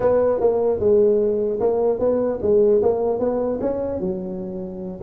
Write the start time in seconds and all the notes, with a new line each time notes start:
0.00 B3
0.40 A#3
0.79 G#3
1.60 A#3
1.99 B3
2.41 G#3
2.82 A#3
3.19 B3
3.60 C#4
4.00 F#3